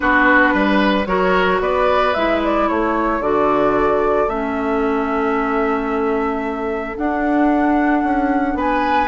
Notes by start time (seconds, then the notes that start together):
0.00 B3 D4 F#4 B4
0.53 G3 B4
1.06 F#3 F#4 A#4 C#5
1.59 B3 B4 D5
2.13 G#3 E4 E5
2.44 D5
2.68 A3 A4 C#5
3.20 D3 F#4 D5
4.27 A3 C#4 E5
6.96 D4 F#5
8.03 C#4
8.54 B3 B4 G#5